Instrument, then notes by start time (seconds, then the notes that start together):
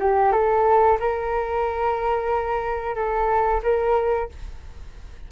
flute
0.00 G4
0.33 A4
1.00 A#4
2.96 A4
3.64 A#4